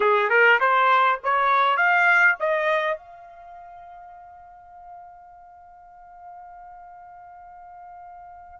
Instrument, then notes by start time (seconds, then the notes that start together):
trumpet
0.00 G#4
0.29 A#4
0.60 C5
1.23 C#5
1.76 F5
2.39 D#5
2.97 F5